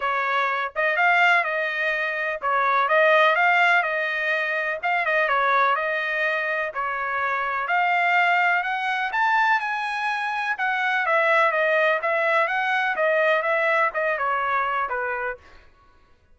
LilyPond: \new Staff \with { instrumentName = "trumpet" } { \time 4/4 \tempo 4 = 125 cis''4. dis''8 f''4 dis''4~ | dis''4 cis''4 dis''4 f''4 | dis''2 f''8 dis''8 cis''4 | dis''2 cis''2 |
f''2 fis''4 a''4 | gis''2 fis''4 e''4 | dis''4 e''4 fis''4 dis''4 | e''4 dis''8 cis''4. b'4 | }